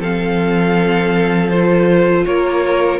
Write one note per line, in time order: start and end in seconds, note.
0.00 2.25 F3
0.00 1.53 C4
0.00 2.25 A4
0.00 1.50 F5
1.50 3.00 F4
1.50 2.25 C5
2.25 3.00 A#3
2.25 3.00 A#4
2.25 3.00 C#5